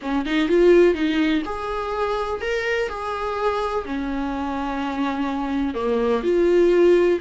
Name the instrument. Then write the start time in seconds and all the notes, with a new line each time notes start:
viola
0.01 C#4
0.25 D#4
0.48 F4
0.94 D#4
1.45 G#4
2.41 A#4
2.88 G#4
3.85 C#4
5.74 A#3
6.23 F4